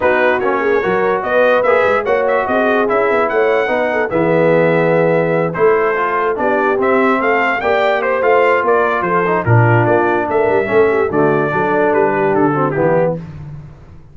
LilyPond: <<
  \new Staff \with { instrumentName = "trumpet" } { \time 4/4 \tempo 4 = 146 b'4 cis''2 dis''4 | e''4 fis''8 e''8 dis''4 e''4 | fis''2 e''2~ | e''4. c''2 d''8~ |
d''8 e''4 f''4 g''4 c''8 | f''4 d''4 c''4 ais'4 | d''4 e''2 d''4~ | d''4 b'4 a'4 g'4 | }
  \new Staff \with { instrumentName = "horn" } { \time 4/4 fis'4. gis'8 ais'4 b'4~ | b'4 cis''4 gis'2 | cis''4 b'8 a'8 gis'2~ | gis'4. a'2 g'8~ |
g'4. a'4 d''4 c''8~ | c''4 ais'4 a'4 f'4~ | f'4 ais'4 a'8 g'8 fis'4 | a'4. g'4 fis'8 e'4 | }
  \new Staff \with { instrumentName = "trombone" } { \time 4/4 dis'4 cis'4 fis'2 | gis'4 fis'2 e'4~ | e'4 dis'4 b2~ | b4. e'4 f'4 d'8~ |
d'8 c'2 g'4. | f'2~ f'8 dis'8 d'4~ | d'2 cis'4 a4 | d'2~ d'8 c'8 b4 | }
  \new Staff \with { instrumentName = "tuba" } { \time 4/4 b4 ais4 fis4 b4 | ais8 gis8 ais4 c'4 cis'8 b8 | a4 b4 e2~ | e4. a2 b8~ |
b8 c'4 a4 ais4. | a4 ais4 f4 ais,4 | ais4 a8 g8 a4 d4 | fis4 g4 d4 e4 | }
>>